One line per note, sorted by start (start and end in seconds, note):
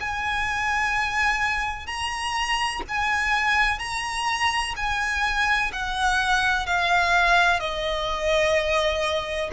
0.00 1.87 G#5
1.87 2.82 A#5
2.88 3.79 G#5
3.79 4.74 A#5
4.76 5.71 G#5
5.73 6.66 F#5
6.66 7.60 F5
7.60 9.50 D#5